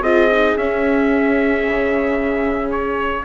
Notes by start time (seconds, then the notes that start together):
0.00 C4 F4 G#4 D#5
0.31 D#4
0.56 C#4 E5
1.66 C#3
2.71 C#5